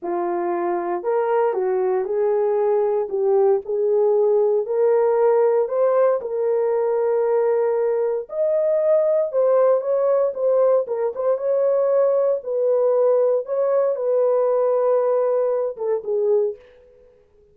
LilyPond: \new Staff \with { instrumentName = "horn" } { \time 4/4 \tempo 4 = 116 f'2 ais'4 fis'4 | gis'2 g'4 gis'4~ | gis'4 ais'2 c''4 | ais'1 |
dis''2 c''4 cis''4 | c''4 ais'8 c''8 cis''2 | b'2 cis''4 b'4~ | b'2~ b'8 a'8 gis'4 | }